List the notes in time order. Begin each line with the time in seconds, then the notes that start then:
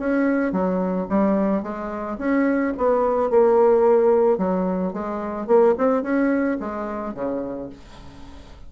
0.00 C#4
0.53 F#3
1.09 G3
1.63 G#3
2.19 C#4
2.78 B3
3.31 A#3
4.38 F#3
4.93 G#3
5.47 A#3
5.78 C4
6.03 C#4
6.61 G#3
7.15 C#3